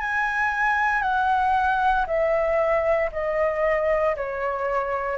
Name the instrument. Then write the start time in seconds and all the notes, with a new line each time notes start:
flute
0.00 G#5
1.02 F#5
2.06 E5
3.12 D#5
4.16 C#5